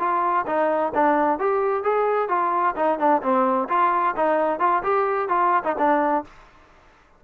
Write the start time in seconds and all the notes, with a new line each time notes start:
0.00 F4
0.47 D#4
0.95 D4
1.39 G4
1.84 G#4
2.29 F4
2.77 D#4
2.99 D4
3.23 C4
3.69 F4
4.17 D#4
4.60 F4
4.84 G4
5.29 F4
5.64 D#4
5.79 D4